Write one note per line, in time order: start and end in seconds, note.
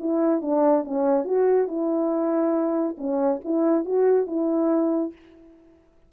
0.00 0.42 E4
0.42 0.85 D4
0.85 1.25 C#4
1.25 1.68 F#4
1.68 2.97 E4
2.98 3.41 C#4
3.45 3.86 E4
3.86 4.27 F#4
4.27 5.13 E4